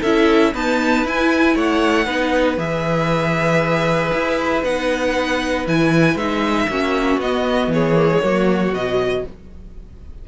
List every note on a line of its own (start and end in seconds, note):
0.00 0.54 C#4
0.00 0.54 E4
0.00 0.51 A4
0.00 0.54 E5
0.54 1.05 B3
0.54 1.05 D#4
0.54 1.56 B4
0.54 1.07 A5
1.05 2.06 E4
1.05 1.55 E4
1.05 1.57 G#5
1.55 2.07 A3
1.55 2.06 C#5
1.55 2.59 F#5
2.06 2.58 B3
2.06 2.57 D#4
2.06 6.68 B4
2.58 4.12 E3
2.58 4.63 G#4
2.58 4.64 E5
4.13 4.63 E4
4.63 5.66 B3
4.63 5.67 D#4
4.63 5.67 F#5
5.67 6.15 E3
5.67 6.18 E4
5.67 6.18 G#5
6.15 6.67 G#3
6.15 6.69 D#4
6.15 7.20 E5
6.69 7.17 A#3
6.69 7.21 C#4
6.69 7.73 F#4
7.17 7.67 B3
7.17 7.95 B3
7.17 7.72 D#5
7.67 8.19 E3
7.74 8.24 G#4
7.74 8.74 C#5
7.95 8.08 A#3
8.10 8.22 G#3
8.22 8.72 F#3
8.22 8.73 A#3
8.22 9.27 F#4
8.72 9.23 B2
8.72 9.28 F#3
8.72 9.25 D#5